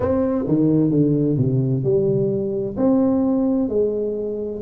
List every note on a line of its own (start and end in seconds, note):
0.00 0.45 C4
0.47 0.91 D#3
0.91 1.37 D3
1.37 1.83 C3
1.83 2.76 G3
2.77 3.68 C4
3.68 4.61 G#3